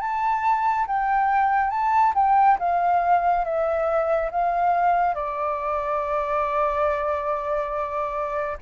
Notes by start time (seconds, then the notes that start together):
0.00 A5
0.87 G5
1.70 A5
2.15 G5
2.59 F5
3.44 E5
4.31 F5
5.14 D5